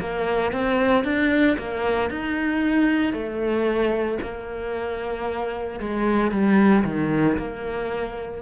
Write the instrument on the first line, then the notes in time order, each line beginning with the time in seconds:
cello
0.00 A#3
0.53 C4
1.05 D4
1.58 A#3
2.11 D#4
3.13 A3
4.22 A#3
5.80 G#3
6.32 G3
6.85 D#3
7.38 A#3